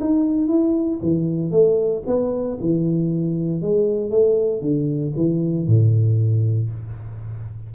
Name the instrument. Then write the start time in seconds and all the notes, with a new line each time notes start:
tuba
0.00 D#4
0.47 E4
1.02 E3
1.51 A3
2.06 B3
2.61 E3
3.61 G#3
4.10 A3
4.61 D3
5.16 E3
5.66 A2